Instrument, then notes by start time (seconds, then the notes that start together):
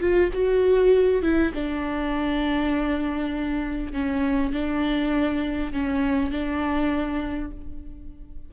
viola
0.00 F4
0.33 F#4
1.22 E4
1.54 D4
3.92 C#4
4.53 D4
5.72 C#4
6.31 D4